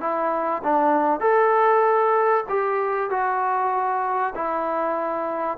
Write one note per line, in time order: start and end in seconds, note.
0.00 0.62 E4
0.63 1.20 D4
1.20 2.44 A4
2.49 3.10 G4
3.10 4.34 F#4
4.34 5.57 E4